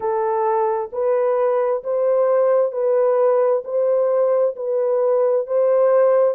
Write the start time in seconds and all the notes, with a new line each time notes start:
0.00 A4
0.92 B4
1.83 C5
2.71 B4
3.64 C5
4.55 B4
5.46 C5